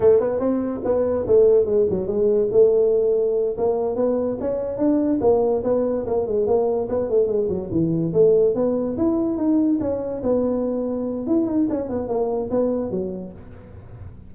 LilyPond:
\new Staff \with { instrumentName = "tuba" } { \time 4/4 \tempo 4 = 144 a8 b8 c'4 b4 a4 | gis8 fis8 gis4 a2~ | a8 ais4 b4 cis'4 d'8~ | d'8 ais4 b4 ais8 gis8 ais8~ |
ais8 b8 a8 gis8 fis8 e4 a8~ | a8 b4 e'4 dis'4 cis'8~ | cis'8 b2~ b8 e'8 dis'8 | cis'8 b8 ais4 b4 fis4 | }